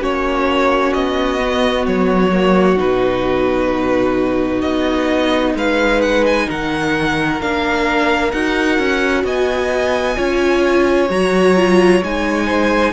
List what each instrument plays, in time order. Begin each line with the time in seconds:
0.00 cello A#3, viola C#4, violin F#4 C#5
0.94 cello B3, violin D#5
1.38 viola B3
1.86 cello F#3, violin C#5
2.32 viola A#3
2.77 cello B2, viola D#4, violin B4
4.61 cello B3, violin D#5
5.55 cello G#3, violin B4 F5
6.02 violin F#5
6.27 violin G#5
6.46 cello D#3, violin A#4 F#5
7.41 cello A#3, viola D4, violin F5
8.32 cello D#4, viola F#4, violin F#5
8.79 cello C#4
9.24 cello B3, violin D#5 G#5
10.16 cello C#4, viola F4, violin C#5
11.10 cello F#3, viola F#4, violin A#5
11.57 viola F4
12.03 cello G#3, viola D#4, violin G#5
12.46 violin C5